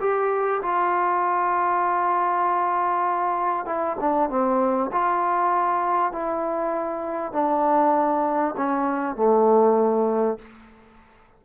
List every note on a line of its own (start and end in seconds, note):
0.00 0.61 G4
0.62 3.65 F4
3.65 3.96 E4
4.00 4.29 D4
4.29 4.90 C4
4.92 6.12 F4
6.12 7.32 E4
7.32 8.55 D4
8.57 9.16 C#4
9.16 10.38 A3